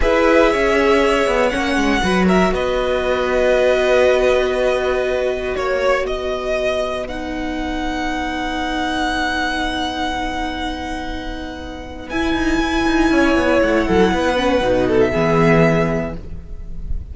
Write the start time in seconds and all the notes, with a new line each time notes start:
0.00 E4 G#4 B4 E5
0.51 C#4 C#5
1.27 B3
1.49 A#3 C#4 F#5
1.76 G#3
2.02 F#3 F#4 B4
2.26 A#4 E5
2.51 B3 B4 D#5
5.55 A#3 C#5
6.05 B3 B4 D#5
7.07 D#4 F#5
12.09 E4 G#5
12.33 D#4
12.60 E4
12.86 D#4
13.11 C#4 C#5
13.35 B3
13.62 A3 F#5
13.86 F#3 A4
14.11 B3 B4
14.35 C#4
14.60 B2 D#4
14.86 A4
15.00 E5
15.12 E3 B3 G#4